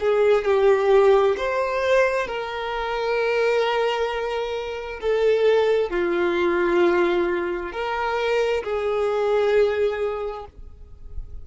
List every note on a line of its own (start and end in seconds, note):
0.00 0.45 G#4
0.45 1.36 G4
1.37 2.27 C5
2.27 5.00 A#4
5.01 5.90 A4
5.90 7.72 F4
7.72 8.63 A#4
8.64 10.45 G#4